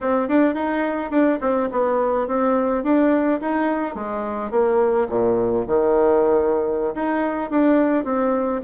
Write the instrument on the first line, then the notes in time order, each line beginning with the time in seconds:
bassoon
0.01 C4
0.28 D4
0.54 D#4
1.10 D4
1.40 C4
1.71 B3
2.27 C4
2.83 D4
3.40 D#4
3.95 G#3
4.50 A#3
5.09 A#2
5.67 D#3
6.94 D#4
7.50 D4
8.04 C4